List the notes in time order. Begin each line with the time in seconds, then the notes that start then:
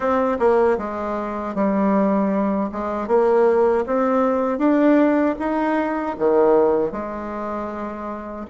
0.00 C4
0.39 A#3
0.78 G#3
1.54 G3
2.72 G#3
3.07 A#3
3.86 C4
4.58 D4
5.38 D#4
6.18 D#3
6.92 G#3